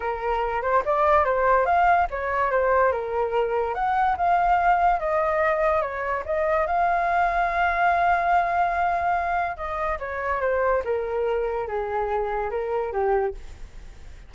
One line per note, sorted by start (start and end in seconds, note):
0.00 0.61 A#4
0.61 0.82 C5
0.85 1.25 D5
1.25 1.65 C5
1.65 2.07 F5
2.10 2.50 C#5
2.50 2.91 C5
2.91 3.74 A#4
3.74 4.16 F#5
4.17 4.99 F5
4.99 5.81 D#5
5.81 6.23 C#5
6.25 6.66 D#5
6.66 9.56 F5
9.56 9.98 D#5
9.99 10.41 C#5
10.41 10.82 C5
10.84 11.67 A#4
11.67 12.50 G#4
12.50 12.92 A#4
12.92 13.34 G4